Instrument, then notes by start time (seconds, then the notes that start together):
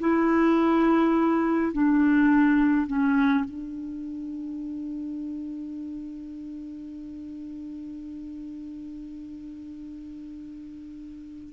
clarinet
0.00 E4
1.73 D4
2.87 C#4
3.45 D4